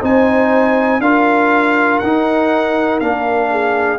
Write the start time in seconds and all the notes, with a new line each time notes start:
0.00 C4 D#4 C5 G#5
0.99 D4 F4 A#4 F5
1.99 D#4 F#5
2.99 A#3 D4 F5
3.50 G#4